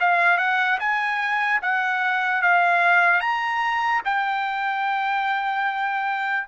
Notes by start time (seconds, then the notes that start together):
0.00 F5
0.38 F#5
0.80 G#5
1.62 F#5
2.42 F5
3.20 A#5
4.05 G5